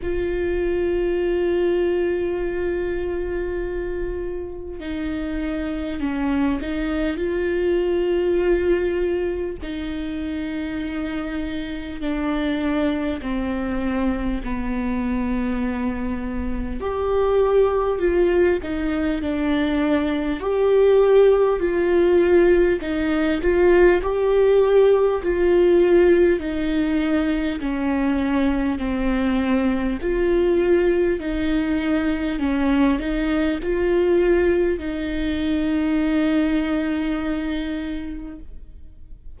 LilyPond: \new Staff \with { instrumentName = "viola" } { \time 4/4 \tempo 4 = 50 f'1 | dis'4 cis'8 dis'8 f'2 | dis'2 d'4 c'4 | b2 g'4 f'8 dis'8 |
d'4 g'4 f'4 dis'8 f'8 | g'4 f'4 dis'4 cis'4 | c'4 f'4 dis'4 cis'8 dis'8 | f'4 dis'2. | }